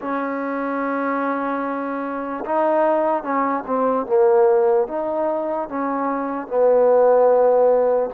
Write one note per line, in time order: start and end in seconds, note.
0.01 2.44 C#4
2.45 3.22 D#4
3.22 3.63 C#4
3.66 4.06 C4
4.06 4.87 A#3
4.87 5.68 D#4
5.68 6.47 C#4
6.47 8.09 B3